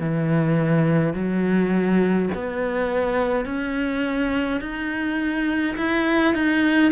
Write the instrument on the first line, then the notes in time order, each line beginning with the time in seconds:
cello
0.00 E3
1.14 F#3
2.34 B3
3.45 C#4
4.61 D#4
5.77 E4
6.34 D#4